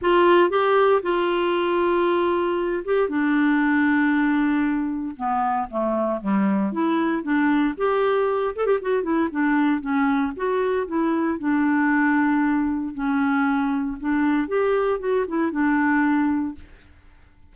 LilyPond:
\new Staff \with { instrumentName = "clarinet" } { \time 4/4 \tempo 4 = 116 f'4 g'4 f'2~ | f'4. g'8 d'2~ | d'2 b4 a4 | g4 e'4 d'4 g'4~ |
g'8 a'16 g'16 fis'8 e'8 d'4 cis'4 | fis'4 e'4 d'2~ | d'4 cis'2 d'4 | g'4 fis'8 e'8 d'2 | }